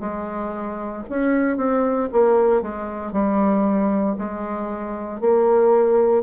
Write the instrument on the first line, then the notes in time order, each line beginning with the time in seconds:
bassoon
0.00 G#3
1.09 C#4
1.57 C4
2.12 A#3
2.62 G#3
3.12 G3
4.18 G#3
5.21 A#3